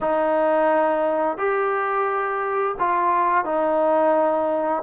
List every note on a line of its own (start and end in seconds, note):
0.00 1.37 D#4
1.37 2.75 G4
2.79 3.45 F4
3.45 4.82 D#4